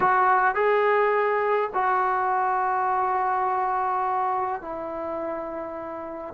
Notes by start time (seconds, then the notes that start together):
0.00 F#4
0.55 G#4
1.73 F#4
4.61 E4